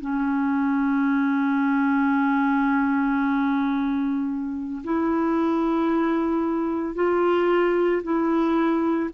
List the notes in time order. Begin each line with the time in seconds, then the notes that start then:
0.00 C#4
4.84 E4
6.94 F4
8.03 E4